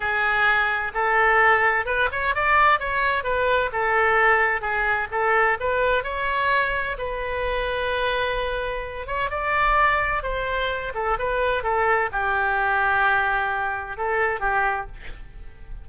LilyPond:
\new Staff \with { instrumentName = "oboe" } { \time 4/4 \tempo 4 = 129 gis'2 a'2 | b'8 cis''8 d''4 cis''4 b'4 | a'2 gis'4 a'4 | b'4 cis''2 b'4~ |
b'2.~ b'8 cis''8 | d''2 c''4. a'8 | b'4 a'4 g'2~ | g'2 a'4 g'4 | }